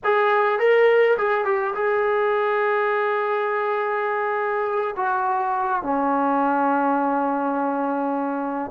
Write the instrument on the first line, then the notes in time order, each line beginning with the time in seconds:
trombone
0.04 G#4
0.59 A#4
1.18 G#4
1.45 G4
1.74 G#4
4.96 F#4
5.83 C#4